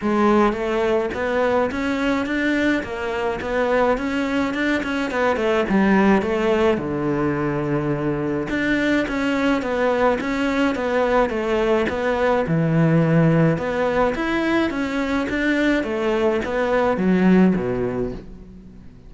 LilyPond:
\new Staff \with { instrumentName = "cello" } { \time 4/4 \tempo 4 = 106 gis4 a4 b4 cis'4 | d'4 ais4 b4 cis'4 | d'8 cis'8 b8 a8 g4 a4 | d2. d'4 |
cis'4 b4 cis'4 b4 | a4 b4 e2 | b4 e'4 cis'4 d'4 | a4 b4 fis4 b,4 | }